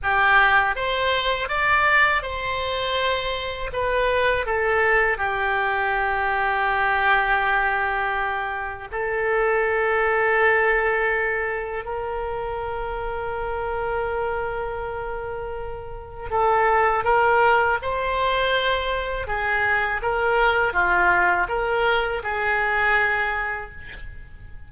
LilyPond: \new Staff \with { instrumentName = "oboe" } { \time 4/4 \tempo 4 = 81 g'4 c''4 d''4 c''4~ | c''4 b'4 a'4 g'4~ | g'1 | a'1 |
ais'1~ | ais'2 a'4 ais'4 | c''2 gis'4 ais'4 | f'4 ais'4 gis'2 | }